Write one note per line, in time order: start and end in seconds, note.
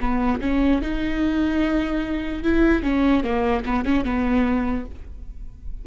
0.00 0.41 B3
0.41 0.81 C#4
0.82 2.43 D#4
2.43 2.83 E4
2.83 3.24 C#4
3.24 3.64 A#3
3.66 3.85 B3
3.85 4.04 C#4
4.04 4.85 B3